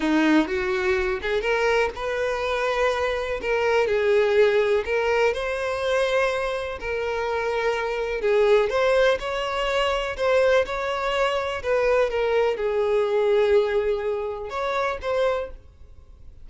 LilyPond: \new Staff \with { instrumentName = "violin" } { \time 4/4 \tempo 4 = 124 dis'4 fis'4. gis'8 ais'4 | b'2. ais'4 | gis'2 ais'4 c''4~ | c''2 ais'2~ |
ais'4 gis'4 c''4 cis''4~ | cis''4 c''4 cis''2 | b'4 ais'4 gis'2~ | gis'2 cis''4 c''4 | }